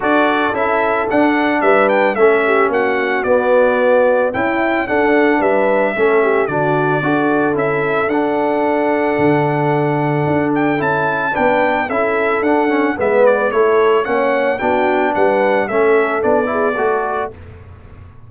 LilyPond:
<<
  \new Staff \with { instrumentName = "trumpet" } { \time 4/4 \tempo 4 = 111 d''4 e''4 fis''4 e''8 g''8 | e''4 fis''4 d''2 | g''4 fis''4 e''2 | d''2 e''4 fis''4~ |
fis''2.~ fis''8 g''8 | a''4 g''4 e''4 fis''4 | e''8 d''8 cis''4 fis''4 g''4 | fis''4 e''4 d''2 | }
  \new Staff \with { instrumentName = "horn" } { \time 4/4 a'2. b'4 | a'8 g'8 fis'2. | e'4 a'4 b'4 a'8 g'8 | fis'4 a'2.~ |
a'1~ | a'4 b'4 a'2 | b'4 a'4 cis''4 fis'4 | b'4 a'4. gis'8 a'4 | }
  \new Staff \with { instrumentName = "trombone" } { \time 4/4 fis'4 e'4 d'2 | cis'2 b2 | e'4 d'2 cis'4 | d'4 fis'4 e'4 d'4~ |
d'1 | e'4 d'4 e'4 d'8 cis'8 | b4 e'4 cis'4 d'4~ | d'4 cis'4 d'8 e'8 fis'4 | }
  \new Staff \with { instrumentName = "tuba" } { \time 4/4 d'4 cis'4 d'4 g4 | a4 ais4 b2 | cis'4 d'4 g4 a4 | d4 d'4 cis'4 d'4~ |
d'4 d2 d'4 | cis'4 b4 cis'4 d'4 | gis4 a4 ais4 b4 | g4 a4 b4 a4 | }
>>